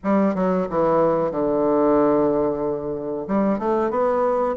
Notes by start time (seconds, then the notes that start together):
0.03 G3
0.34 F#3
0.69 E3
1.31 D3
3.27 G3
3.58 A3
3.90 B3